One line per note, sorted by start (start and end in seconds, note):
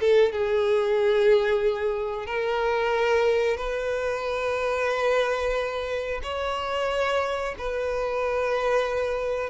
0.00 0.32 A4
0.32 2.26 G#4
2.26 3.57 A#4
3.57 6.21 B4
6.23 7.55 C#5
7.58 9.50 B4